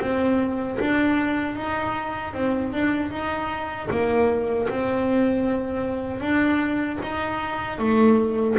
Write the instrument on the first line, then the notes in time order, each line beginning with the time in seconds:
double bass
0.00 C4
0.80 D4
1.55 D#4
2.33 C4
2.72 D4
3.11 D#4
3.90 A#3
4.69 C4
6.20 D4
7.02 D#4
7.78 A3